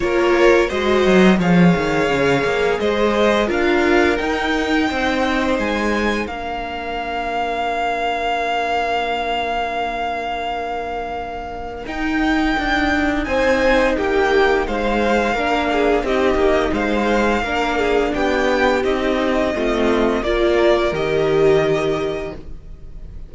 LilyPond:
<<
  \new Staff \with { instrumentName = "violin" } { \time 4/4 \tempo 4 = 86 cis''4 dis''4 f''2 | dis''4 f''4 g''2 | gis''4 f''2.~ | f''1~ |
f''4 g''2 gis''4 | g''4 f''2 dis''4 | f''2 g''4 dis''4~ | dis''4 d''4 dis''2 | }
  \new Staff \with { instrumentName = "violin" } { \time 4/4 ais'4 c''4 cis''2 | c''4 ais'2 c''4~ | c''4 ais'2.~ | ais'1~ |
ais'2. c''4 | g'4 c''4 ais'8 gis'8 g'4 | c''4 ais'8 gis'8 g'2 | f'4 ais'2. | }
  \new Staff \with { instrumentName = "viola" } { \time 4/4 f'4 fis'4 gis'2~ | gis'4 f'4 dis'2~ | dis'4 d'2.~ | d'1~ |
d'4 dis'2.~ | dis'2 d'4 dis'4~ | dis'4 d'2 dis'4 | c'4 f'4 g'2 | }
  \new Staff \with { instrumentName = "cello" } { \time 4/4 ais4 gis8 fis8 f8 dis8 cis8 ais8 | gis4 d'4 dis'4 c'4 | gis4 ais2.~ | ais1~ |
ais4 dis'4 d'4 c'4 | ais4 gis4 ais4 c'8 ais8 | gis4 ais4 b4 c'4 | a4 ais4 dis2 | }
>>